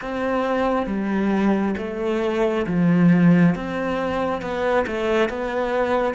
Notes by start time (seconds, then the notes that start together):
0.01 C4
0.86 G3
1.77 A3
2.67 F3
3.55 C4
4.41 B3
4.86 A3
5.29 B3